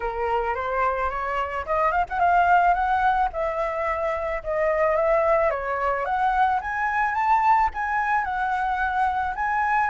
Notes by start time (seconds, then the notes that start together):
0.00 A#4
0.55 C5
1.10 C#5
1.65 D#5
1.91 F5
2.09 F#5
2.19 F5
2.73 F#5
3.33 E5
4.43 D#5
4.96 E5
5.50 C#5
6.05 F#5
6.61 G#5
7.14 A5
7.73 G#5
8.24 F#5
9.35 G#5